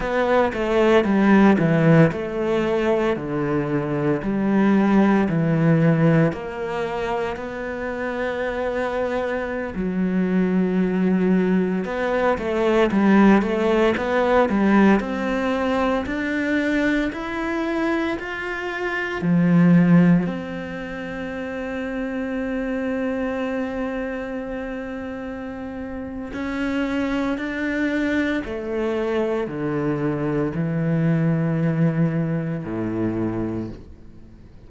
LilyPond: \new Staff \with { instrumentName = "cello" } { \time 4/4 \tempo 4 = 57 b8 a8 g8 e8 a4 d4 | g4 e4 ais4 b4~ | b4~ b16 fis2 b8 a16~ | a16 g8 a8 b8 g8 c'4 d'8.~ |
d'16 e'4 f'4 f4 c'8.~ | c'1~ | c'4 cis'4 d'4 a4 | d4 e2 a,4 | }